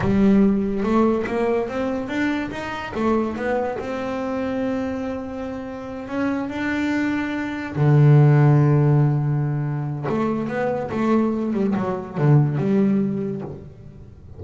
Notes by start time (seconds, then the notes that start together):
0.00 G3
0.83 A3
1.26 A#3
1.68 C4
2.08 D4
2.50 D#4
2.94 A3
3.36 B3
3.78 C4
6.08 C#4
6.49 D4
7.75 D3
10.08 A3
10.48 B3
10.91 A3
11.53 G3
11.75 F#3
12.17 D3
12.57 G3